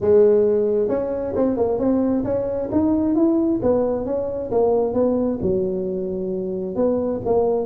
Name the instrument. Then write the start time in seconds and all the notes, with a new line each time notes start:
tuba
0.00 G#3
0.88 C#4
1.35 C4
1.56 A#3
1.78 C4
2.24 C#4
2.71 D#4
3.15 E4
3.62 B3
4.05 C#4
4.51 A#3
4.93 B3
5.41 F#3
6.75 B3
7.25 A#3